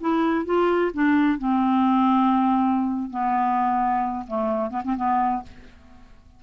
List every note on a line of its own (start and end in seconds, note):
0.00 0.45 E4
0.45 0.91 F4
0.93 1.38 D4
1.38 3.10 C4
3.10 4.26 B3
4.27 4.70 A3
4.70 4.82 B3
4.84 4.96 C4
4.96 5.42 B3